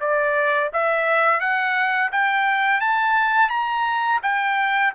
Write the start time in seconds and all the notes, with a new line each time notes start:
0.00 D5
0.73 E5
1.40 F#5
2.12 G5
2.80 A5
3.49 A#5
4.23 G5